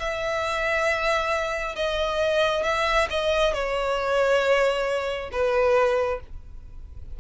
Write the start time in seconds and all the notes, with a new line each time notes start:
0.00 E5
1.76 D#5
2.64 E5
3.10 D#5
3.54 C#5
5.32 B4